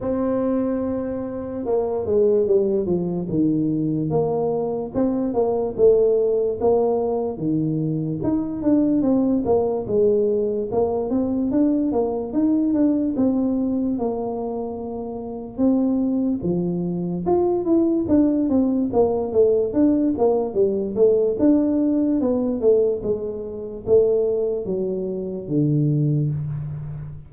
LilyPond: \new Staff \with { instrumentName = "tuba" } { \time 4/4 \tempo 4 = 73 c'2 ais8 gis8 g8 f8 | dis4 ais4 c'8 ais8 a4 | ais4 dis4 dis'8 d'8 c'8 ais8 | gis4 ais8 c'8 d'8 ais8 dis'8 d'8 |
c'4 ais2 c'4 | f4 f'8 e'8 d'8 c'8 ais8 a8 | d'8 ais8 g8 a8 d'4 b8 a8 | gis4 a4 fis4 d4 | }